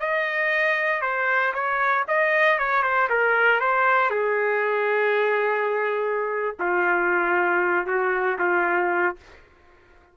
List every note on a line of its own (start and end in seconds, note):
0.00 1.02 D#5
1.02 1.53 C5
1.54 2.05 C#5
2.08 2.59 D#5
2.59 2.83 C#5
2.83 3.08 C5
3.10 3.60 A#4
3.60 4.10 C5
4.10 6.56 G#4
6.59 7.87 F4
7.87 8.38 F#4
8.39 9.16 F4